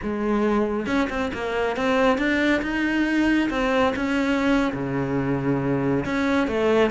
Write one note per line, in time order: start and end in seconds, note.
0.03 0.86 G#3
0.86 1.08 C#4
1.09 1.31 C4
1.33 1.76 A#3
1.76 2.17 C4
2.17 2.61 D4
2.62 3.49 D#4
3.50 3.93 C4
3.96 4.72 C#4
4.73 6.04 C#3
6.05 6.47 C#4
6.47 6.90 A3